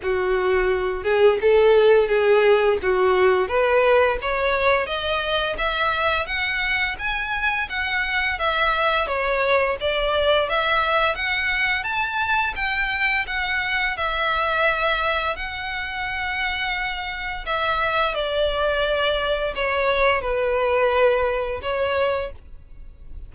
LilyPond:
\new Staff \with { instrumentName = "violin" } { \time 4/4 \tempo 4 = 86 fis'4. gis'8 a'4 gis'4 | fis'4 b'4 cis''4 dis''4 | e''4 fis''4 gis''4 fis''4 | e''4 cis''4 d''4 e''4 |
fis''4 a''4 g''4 fis''4 | e''2 fis''2~ | fis''4 e''4 d''2 | cis''4 b'2 cis''4 | }